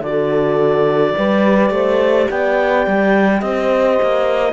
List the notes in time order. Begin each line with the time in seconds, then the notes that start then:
0.00 D3 F#4 A4 D5
1.16 G3 G4 B4
1.70 A3 C5
2.29 B3 D5 G5
2.86 G3
3.40 C4 C5 D#5
4.02 A#3